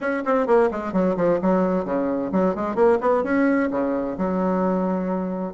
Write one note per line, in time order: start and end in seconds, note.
0.00 0.23 C#4
0.25 0.46 C4
0.46 0.69 A#3
0.71 0.92 G#3
0.92 1.15 F#3
1.16 1.39 F3
1.41 1.85 F#3
1.85 2.31 C#3
2.32 2.55 F#3
2.55 2.75 G#3
2.75 2.98 A#3
3.00 3.23 B3
3.23 3.69 C#4
3.70 4.17 C#3
4.17 5.53 F#3